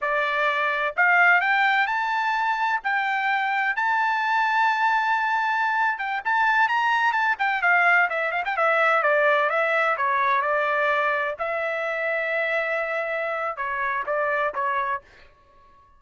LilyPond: \new Staff \with { instrumentName = "trumpet" } { \time 4/4 \tempo 4 = 128 d''2 f''4 g''4 | a''2 g''2 | a''1~ | a''8. g''8 a''4 ais''4 a''8 g''16~ |
g''16 f''4 e''8 f''16 g''16 e''4 d''8.~ | d''16 e''4 cis''4 d''4.~ d''16~ | d''16 e''2.~ e''8.~ | e''4 cis''4 d''4 cis''4 | }